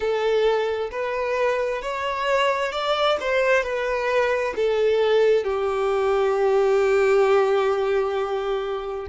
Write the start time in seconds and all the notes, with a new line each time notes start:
0.00 A4
0.91 B4
1.82 C#5
2.71 D5
3.20 C5
3.63 B4
4.56 A4
5.43 G4